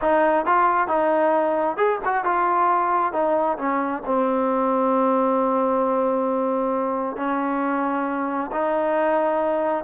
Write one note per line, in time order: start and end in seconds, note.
0.01 0.45 D#4
0.45 0.87 F4
0.87 1.76 D#4
1.76 1.99 G#4
2.05 2.24 F#4
2.24 3.12 F4
3.12 3.57 D#4
3.57 4.02 C#4
4.05 7.16 C4
7.16 8.50 C#4
8.52 9.84 D#4